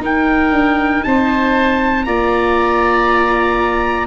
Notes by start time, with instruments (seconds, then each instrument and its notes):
0.00 viola D#4, tuba D#4, oboe A#4, trumpet G5
0.51 tuba D4
1.03 tuba C4, oboe C5, trumpet A5
2.04 tuba A#3, viola F4, oboe D5, trumpet A#5